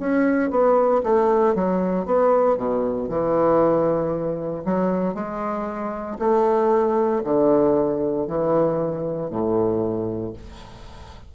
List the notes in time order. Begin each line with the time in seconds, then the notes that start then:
0.00 C#4
0.50 B3
1.03 A3
1.55 F#3
2.06 B3
2.57 B2
3.09 E3
4.65 F#3
5.14 G#3
6.19 A3
7.25 D3
8.28 E3
9.30 A2